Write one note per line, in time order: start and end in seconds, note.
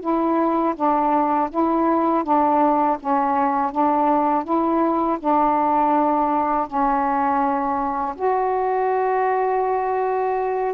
0.00 0.74 E4
0.75 1.49 D4
1.50 2.23 E4
2.23 2.97 D4
2.99 3.71 C#4
3.71 4.44 D4
4.44 5.18 E4
5.19 6.67 D4
6.67 8.15 C#4
8.15 10.74 F#4